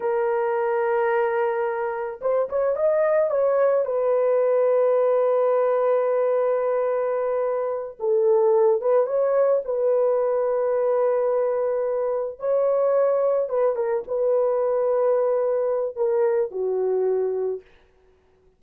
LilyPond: \new Staff \with { instrumentName = "horn" } { \time 4/4 \tempo 4 = 109 ais'1 | c''8 cis''8 dis''4 cis''4 b'4~ | b'1~ | b'2~ b'8 a'4. |
b'8 cis''4 b'2~ b'8~ | b'2~ b'8 cis''4.~ | cis''8 b'8 ais'8 b'2~ b'8~ | b'4 ais'4 fis'2 | }